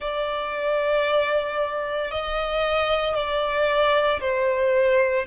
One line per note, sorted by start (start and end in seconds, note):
0.00 2.11 D5
2.11 3.14 D#5
3.14 4.20 D5
4.20 5.25 C5